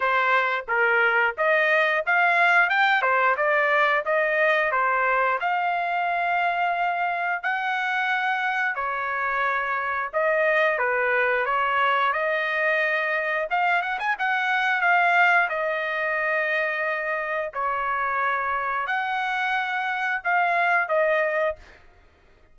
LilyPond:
\new Staff \with { instrumentName = "trumpet" } { \time 4/4 \tempo 4 = 89 c''4 ais'4 dis''4 f''4 | g''8 c''8 d''4 dis''4 c''4 | f''2. fis''4~ | fis''4 cis''2 dis''4 |
b'4 cis''4 dis''2 | f''8 fis''16 gis''16 fis''4 f''4 dis''4~ | dis''2 cis''2 | fis''2 f''4 dis''4 | }